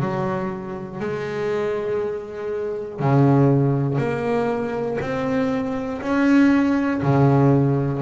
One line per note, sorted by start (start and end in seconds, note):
0.00 1.00 F#3
1.00 3.00 G#3
3.00 3.98 C#3
3.98 4.98 A#3
5.00 6.00 C4
6.01 7.01 C#4
7.02 8.02 C#3